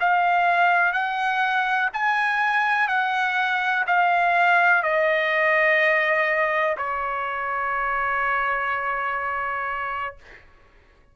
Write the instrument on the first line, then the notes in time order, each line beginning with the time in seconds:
trumpet
0.00 F5
0.93 F#5
1.94 G#5
2.88 F#5
3.87 F5
4.83 D#5
6.77 C#5